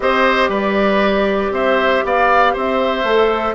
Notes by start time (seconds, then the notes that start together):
0.00 C4 G4 C5 D#5
0.48 G3 B4 D5
1.51 C4 C5 E5
2.04 B3 D5 F5
2.53 C4 C5 E5
3.03 A3 A4